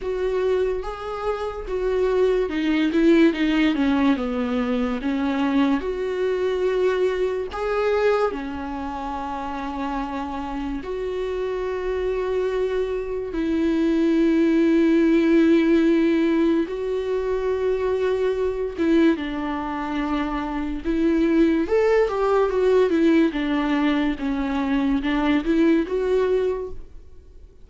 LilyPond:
\new Staff \with { instrumentName = "viola" } { \time 4/4 \tempo 4 = 72 fis'4 gis'4 fis'4 dis'8 e'8 | dis'8 cis'8 b4 cis'4 fis'4~ | fis'4 gis'4 cis'2~ | cis'4 fis'2. |
e'1 | fis'2~ fis'8 e'8 d'4~ | d'4 e'4 a'8 g'8 fis'8 e'8 | d'4 cis'4 d'8 e'8 fis'4 | }